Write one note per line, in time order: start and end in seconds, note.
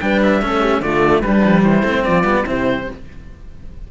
0.00 0.43 G3
0.00 0.41 D4
0.00 0.42 B4
0.00 0.21 G5
0.22 0.82 E5
0.41 0.80 A3
0.41 0.82 C#4
0.41 0.60 A4
0.60 0.80 G4
0.80 1.20 D3
0.80 1.23 A3
0.80 1.22 F4
0.80 1.21 D5
1.20 1.41 G3
1.20 1.83 G3
1.20 1.61 D4
1.20 1.62 B4
1.44 1.63 F3
1.61 1.82 E3
1.61 2.02 E4
1.61 2.04 C5
1.82 2.03 A3
1.82 2.24 C4
2.04 2.23 F3
2.04 2.44 F4
2.04 2.45 D5
2.23 2.43 G3
2.23 2.44 B3
2.44 2.89 C3
2.44 2.87 C4
2.44 2.85 E4
2.50 2.91 C5